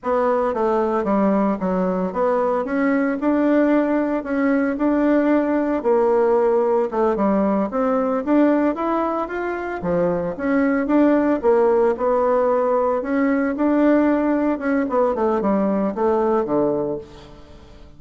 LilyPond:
\new Staff \with { instrumentName = "bassoon" } { \time 4/4 \tempo 4 = 113 b4 a4 g4 fis4 | b4 cis'4 d'2 | cis'4 d'2 ais4~ | ais4 a8 g4 c'4 d'8~ |
d'8 e'4 f'4 f4 cis'8~ | cis'8 d'4 ais4 b4.~ | b8 cis'4 d'2 cis'8 | b8 a8 g4 a4 d4 | }